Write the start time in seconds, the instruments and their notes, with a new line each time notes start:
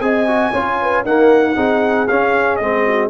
0.00 tuba C4, trombone G#4, horn D#5, trumpet G#5
0.27 trombone F#4
0.52 tuba C#4, trombone F4, horn C#5
0.81 horn B4
1.04 trombone A#3, tuba D#4, horn A#4, trumpet F#5
1.55 tuba C4, trombone D#4, horn G#4
2.08 trombone C#4, tuba C#4, trumpet F5
2.56 tuba G#3, trombone C4, trumpet D#5
2.86 horn F#4